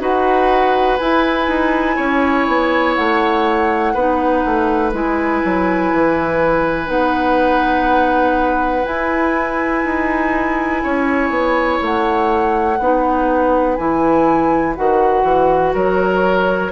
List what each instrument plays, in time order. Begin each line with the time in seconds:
0.00 bassoon D#4, clarinet F#4, oboe B4, flute F#5
0.98 clarinet E4, bassoon E4, flute G#5
1.48 bassoon D#4
1.96 bassoon C#4, oboe C#5
2.48 bassoon B3
2.95 bassoon A3, flute F#5
3.94 bassoon B3, clarinet D#4, oboe B4
4.46 bassoon A3
4.93 bassoon G#3, clarinet E4, flute G#5
5.45 bassoon F#3
5.93 bassoon E3
6.86 bassoon B3, clarinet D#4, flute F#5
8.84 clarinet E4, bassoon E4, flute G#5
9.85 bassoon D#4
10.83 bassoon C#4, oboe C#5
11.30 bassoon B3
11.82 bassoon A3, flute F#5
12.79 bassoon B3, clarinet D#4, oboe B4
13.76 bassoon E3, clarinet E4, flute G#5
14.76 bassoon D#3, clarinet F#4, flute F#5
15.23 bassoon E3
15.74 bassoon F#3, oboe A#4, flute C#5